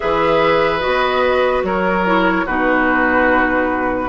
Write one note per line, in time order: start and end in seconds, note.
0.00 0.85 E3
0.00 0.80 G#4
0.00 1.65 B4
0.00 0.80 E5
0.80 1.63 B3
0.80 2.03 F#4
0.80 1.62 D#5
1.63 2.45 F#3
1.63 2.45 A#4
1.63 2.46 C#5
2.05 2.46 E4
2.45 4.08 B2
2.45 4.08 D#4
2.45 4.08 F#4
2.45 4.08 B4